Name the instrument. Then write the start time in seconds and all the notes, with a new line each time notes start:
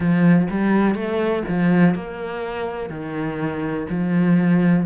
cello
0.00 F3
0.50 G3
0.94 A3
1.48 F3
1.94 A#3
2.89 D#3
3.89 F3